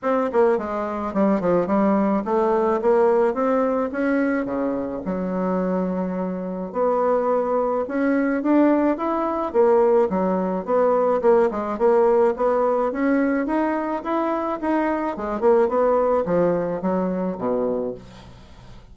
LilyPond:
\new Staff \with { instrumentName = "bassoon" } { \time 4/4 \tempo 4 = 107 c'8 ais8 gis4 g8 f8 g4 | a4 ais4 c'4 cis'4 | cis4 fis2. | b2 cis'4 d'4 |
e'4 ais4 fis4 b4 | ais8 gis8 ais4 b4 cis'4 | dis'4 e'4 dis'4 gis8 ais8 | b4 f4 fis4 b,4 | }